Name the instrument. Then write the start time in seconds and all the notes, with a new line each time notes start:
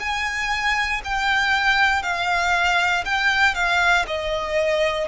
violin
0.00 G#5
1.04 G5
2.03 F5
3.06 G5
3.55 F5
4.07 D#5